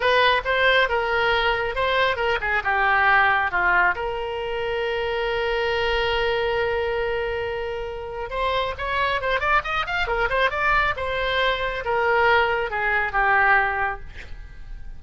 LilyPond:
\new Staff \with { instrumentName = "oboe" } { \time 4/4 \tempo 4 = 137 b'4 c''4 ais'2 | c''4 ais'8 gis'8 g'2 | f'4 ais'2.~ | ais'1~ |
ais'2. c''4 | cis''4 c''8 d''8 dis''8 f''8 ais'8 c''8 | d''4 c''2 ais'4~ | ais'4 gis'4 g'2 | }